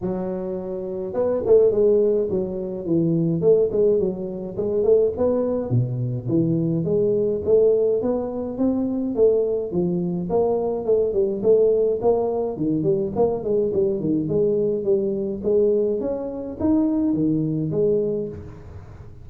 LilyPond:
\new Staff \with { instrumentName = "tuba" } { \time 4/4 \tempo 4 = 105 fis2 b8 a8 gis4 | fis4 e4 a8 gis8 fis4 | gis8 a8 b4 b,4 e4 | gis4 a4 b4 c'4 |
a4 f4 ais4 a8 g8 | a4 ais4 dis8 g8 ais8 gis8 | g8 dis8 gis4 g4 gis4 | cis'4 dis'4 dis4 gis4 | }